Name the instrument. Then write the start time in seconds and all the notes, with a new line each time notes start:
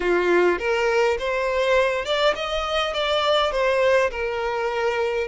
violin
0.00 F4
0.59 A#4
1.18 C5
2.05 D5
2.35 D#5
2.93 D5
3.51 C5
4.10 A#4